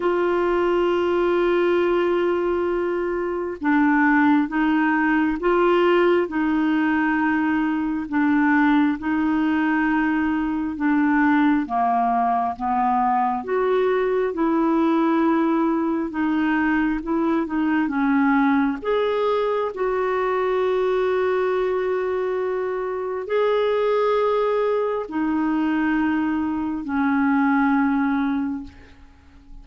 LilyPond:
\new Staff \with { instrumentName = "clarinet" } { \time 4/4 \tempo 4 = 67 f'1 | d'4 dis'4 f'4 dis'4~ | dis'4 d'4 dis'2 | d'4 ais4 b4 fis'4 |
e'2 dis'4 e'8 dis'8 | cis'4 gis'4 fis'2~ | fis'2 gis'2 | dis'2 cis'2 | }